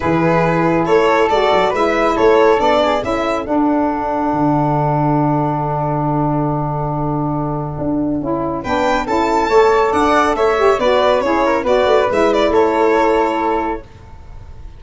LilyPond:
<<
  \new Staff \with { instrumentName = "violin" } { \time 4/4 \tempo 4 = 139 b'2 cis''4 d''4 | e''4 cis''4 d''4 e''4 | fis''1~ | fis''1~ |
fis''1 | g''4 a''2 fis''4 | e''4 d''4 cis''4 d''4 | e''8 d''8 cis''2. | }
  \new Staff \with { instrumentName = "flute" } { \time 4/4 gis'2 a'2 | b'4 a'4. gis'8 a'4~ | a'1~ | a'1~ |
a'1 | b'4 a'4 cis''4 d''4 | cis''4 b'4 gis'8 ais'8 b'4~ | b'4 a'2. | }
  \new Staff \with { instrumentName = "saxophone" } { \time 4/4 e'2. fis'4 | e'2 d'4 e'4 | d'1~ | d'1~ |
d'2. e'4 | d'4 e'4 a'2~ | a'8 g'8 fis'4 e'4 fis'4 | e'1 | }
  \new Staff \with { instrumentName = "tuba" } { \time 4/4 e2 a4 gis8 fis8 | gis4 a4 b4 cis'4 | d'2 d2~ | d1~ |
d2 d'4 cis'4 | b4 cis'4 a4 d'4 | a4 b4 cis'4 b8 a8 | gis4 a2. | }
>>